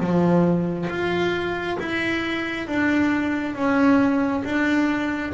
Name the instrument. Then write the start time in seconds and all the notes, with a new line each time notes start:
double bass
0.00 F3
0.89 F4
1.79 E4
2.67 D4
3.55 C#4
4.44 D4